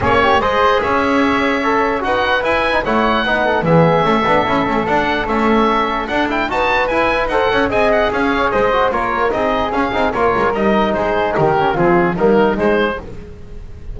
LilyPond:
<<
  \new Staff \with { instrumentName = "oboe" } { \time 4/4 \tempo 4 = 148 cis''4 dis''4 e''2~ | e''4 fis''4 gis''4 fis''4~ | fis''4 e''2. | fis''4 e''2 fis''8 g''8 |
a''4 gis''4 fis''4 gis''8 fis''8 | f''4 dis''4 cis''4 dis''4 | f''4 cis''4 dis''4 c''4 | ais'4 gis'4 ais'4 c''4 | }
  \new Staff \with { instrumentName = "flute" } { \time 4/4 gis'8 g'8 c''4 cis''2~ | cis''4 b'2 cis''4 | b'8 a'8 gis'4 a'2~ | a'1 |
b'2 c''8 cis''8 dis''4 | cis''4 c''4 ais'4 gis'4~ | gis'4 ais'2 gis'4 | g'4 f'4 dis'2 | }
  \new Staff \with { instrumentName = "trombone" } { \time 4/4 cis'4 gis'2. | a'4 fis'4 e'8. dis'16 e'4 | dis'4 b4 cis'8 d'8 e'8 cis'8 | d'4 cis'2 d'8 e'8 |
fis'4 e'4 a'4 gis'4~ | gis'4. fis'8 f'4 dis'4 | cis'8 dis'8 f'4 dis'2~ | dis'8 cis'8 c'4 ais4 gis4 | }
  \new Staff \with { instrumentName = "double bass" } { \time 4/4 ais4 gis4 cis'2~ | cis'4 dis'4 e'4 a4 | b4 e4 a8 b8 cis'8 a8 | d'4 a2 d'4 |
dis'4 e'4 dis'8 cis'8 c'4 | cis'4 gis4 ais4 c'4 | cis'8 c'8 ais8 gis8 g4 gis4 | dis4 f4 g4 gis4 | }
>>